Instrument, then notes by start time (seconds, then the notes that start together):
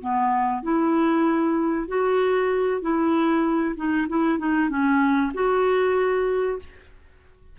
clarinet
0.00 B3
0.62 E4
1.88 F#4
2.81 E4
3.76 D#4
4.09 E4
4.38 D#4
4.69 C#4
5.34 F#4